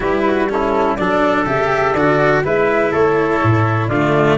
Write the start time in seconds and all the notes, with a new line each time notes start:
0.00 G3 E4 G4 B4
0.27 F#4
0.49 C#4 E4 A4
0.96 F#3 D4 A4 D5
1.46 C#3 G4 E5
1.93 D3 F#4 D5
2.44 G#3 E4 B4 E5
2.91 A3 A4 C#5
3.43 A2
3.88 D3 A3 F4 D5